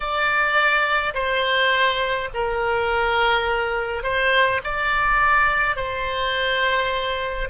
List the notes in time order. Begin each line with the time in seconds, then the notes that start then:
0.00 D5
1.13 C5
2.33 A#4
4.03 C5
4.64 D5
5.75 C5